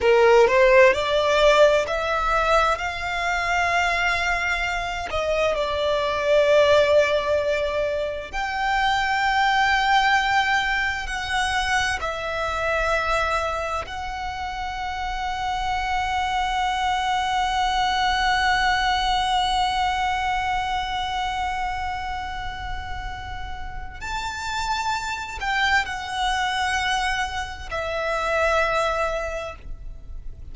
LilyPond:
\new Staff \with { instrumentName = "violin" } { \time 4/4 \tempo 4 = 65 ais'8 c''8 d''4 e''4 f''4~ | f''4. dis''8 d''2~ | d''4 g''2. | fis''4 e''2 fis''4~ |
fis''1~ | fis''1~ | fis''2 a''4. g''8 | fis''2 e''2 | }